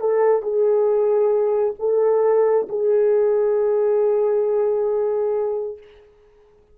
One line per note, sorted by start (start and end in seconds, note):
0.00 0.42 A4
0.42 1.74 G#4
1.79 2.67 A4
2.69 5.78 G#4